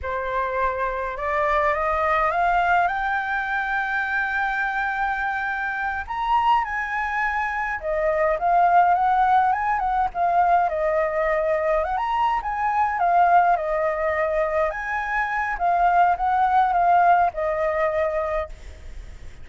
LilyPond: \new Staff \with { instrumentName = "flute" } { \time 4/4 \tempo 4 = 104 c''2 d''4 dis''4 | f''4 g''2.~ | g''2~ g''8 ais''4 gis''8~ | gis''4. dis''4 f''4 fis''8~ |
fis''8 gis''8 fis''8 f''4 dis''4.~ | dis''8 fis''16 ais''8. gis''4 f''4 dis''8~ | dis''4. gis''4. f''4 | fis''4 f''4 dis''2 | }